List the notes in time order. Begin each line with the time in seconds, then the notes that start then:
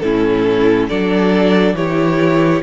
0.00 A2 C#4 E4 A4
0.88 F#3 D4 A4 D5
1.74 E3 E4 G4 C#5